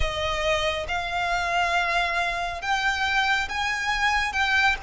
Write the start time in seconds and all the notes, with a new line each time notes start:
0.00 D#5
0.87 F5
2.61 G5
3.49 G#5
4.32 G5